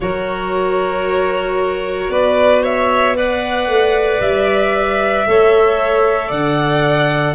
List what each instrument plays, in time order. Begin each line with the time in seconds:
0.00 tuba F#3, clarinet F#4, violin A#4 C#5
2.09 tuba B3, violin B4 D5
2.63 violin C#5 E5
3.15 clarinet B4, violin D5 F#5
3.67 tuba A3
4.20 tuba G3, violin E5
5.27 tuba A3, clarinet A4, violin C#5
6.28 tuba D3, violin D5 F#5